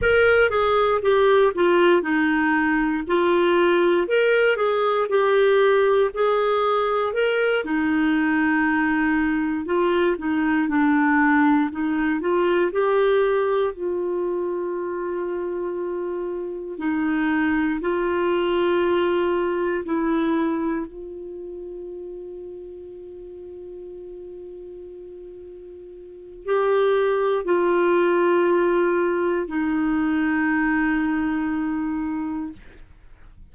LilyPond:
\new Staff \with { instrumentName = "clarinet" } { \time 4/4 \tempo 4 = 59 ais'8 gis'8 g'8 f'8 dis'4 f'4 | ais'8 gis'8 g'4 gis'4 ais'8 dis'8~ | dis'4. f'8 dis'8 d'4 dis'8 | f'8 g'4 f'2~ f'8~ |
f'8 dis'4 f'2 e'8~ | e'8 f'2.~ f'8~ | f'2 g'4 f'4~ | f'4 dis'2. | }